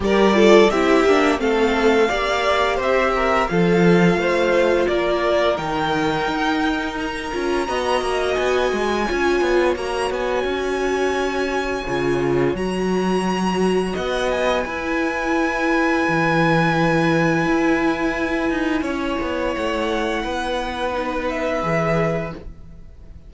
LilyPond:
<<
  \new Staff \with { instrumentName = "violin" } { \time 4/4 \tempo 4 = 86 d''4 e''4 f''2 | e''4 f''2 d''4 | g''2 ais''2 | gis''2 ais''8 gis''4.~ |
gis''2 ais''2 | fis''8 gis''2.~ gis''8~ | gis''1 | fis''2~ fis''8 e''4. | }
  \new Staff \with { instrumentName = "violin" } { \time 4/4 ais'8 a'8 g'4 a'4 d''4 | c''8 ais'8 a'4 c''4 ais'4~ | ais'2. dis''4~ | dis''4 cis''2.~ |
cis''1 | dis''4 b'2.~ | b'2. cis''4~ | cis''4 b'2. | }
  \new Staff \with { instrumentName = "viola" } { \time 4/4 g'8 f'8 e'8 d'8 c'4 g'4~ | g'4 f'2. | dis'2~ dis'8 f'8 fis'4~ | fis'4 f'4 fis'2~ |
fis'4 f'4 fis'2~ | fis'4 e'2.~ | e'1~ | e'2 dis'4 gis'4 | }
  \new Staff \with { instrumentName = "cello" } { \time 4/4 g4 c'8 ais8 a4 ais4 | c'4 f4 a4 ais4 | dis4 dis'4. cis'8 b8 ais8 | b8 gis8 cis'8 b8 ais8 b8 cis'4~ |
cis'4 cis4 fis2 | b4 e'2 e4~ | e4 e'4. dis'8 cis'8 b8 | a4 b2 e4 | }
>>